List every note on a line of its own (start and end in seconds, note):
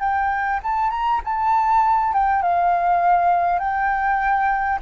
0.00 0.60 G5
0.63 0.91 A5
0.91 1.21 A#5
1.24 2.14 A5
2.14 2.42 G5
2.42 3.59 F5
3.59 4.79 G5